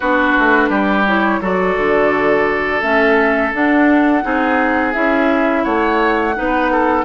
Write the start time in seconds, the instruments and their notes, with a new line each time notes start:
0.00 bassoon B3, clarinet D4, oboe F#4, flute B4
0.38 bassoon A3
0.69 bassoon G3, oboe G4
1.07 clarinet E4, flute C#5
1.40 bassoon F#3, clarinet F#4, oboe A4, flute D5
1.76 bassoon D3
2.81 bassoon A3, clarinet C#4, flute E5
3.53 bassoon D4, clarinet D4, flute F#5
4.22 bassoon C4, clarinet D#4, oboe G#4
4.93 bassoon C#4, clarinet E4, flute E5
5.63 bassoon A3, oboe C#5, flute F#5
6.35 bassoon B3, clarinet D#4, oboe B4
6.71 oboe A4